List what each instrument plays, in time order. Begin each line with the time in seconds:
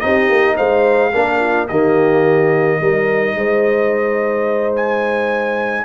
0.00 tuba C4, trombone D#4, horn G4, trumpet D#5
0.29 tuba A#3
0.56 tuba G#3, horn C5, trumpet F5
1.12 tuba A#3, trombone D4, horn A#4
1.40 horn F4
1.68 tuba D#3, trombone A#3, horn G4, trumpet D#5
2.80 tuba G3, trombone D#4, horn A#4
3.35 tuba G#3, horn C5
4.76 trumpet G#5